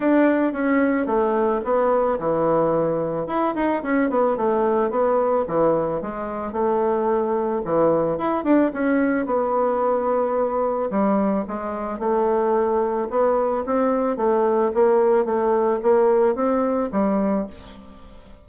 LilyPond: \new Staff \with { instrumentName = "bassoon" } { \time 4/4 \tempo 4 = 110 d'4 cis'4 a4 b4 | e2 e'8 dis'8 cis'8 b8 | a4 b4 e4 gis4 | a2 e4 e'8 d'8 |
cis'4 b2. | g4 gis4 a2 | b4 c'4 a4 ais4 | a4 ais4 c'4 g4 | }